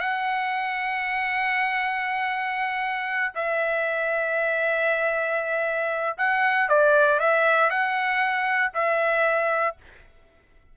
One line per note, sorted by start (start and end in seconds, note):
0.00 3.33 F#5
3.35 6.17 E5
6.18 6.69 F#5
6.69 7.20 D5
7.20 7.70 E5
7.70 8.72 F#5
8.74 9.76 E5